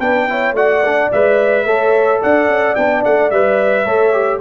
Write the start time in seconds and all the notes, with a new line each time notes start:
0.00 B3 D4 B4 G5
0.29 E4 C#5
0.53 A3 F#4 D5 F#5
0.85 D4
1.12 G#3 B4 E5
1.65 A3 A4 C#5
2.21 D4 D5 F#5
2.48 C#4
2.76 B3 D4 G5
3.05 A3 F#5
3.31 G3 B4 E5
3.85 A3 A4 C#5
4.13 G4